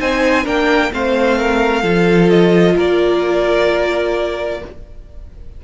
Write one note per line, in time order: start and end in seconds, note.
0.00 0.46 C4
0.00 0.45 D#4
0.00 0.44 C5
0.00 0.46 G#5
0.44 0.92 A#3
0.44 0.91 D4
0.44 0.90 A#4
0.44 0.92 G5
0.92 1.83 A3
0.92 1.83 C4
0.92 1.38 C5
0.92 2.30 F5
1.38 1.82 A#4
1.82 2.75 F3
1.82 4.60 F4
1.82 2.75 A4
2.30 2.76 D#5
2.76 4.61 A#3
2.76 4.61 A#4
2.76 4.64 D5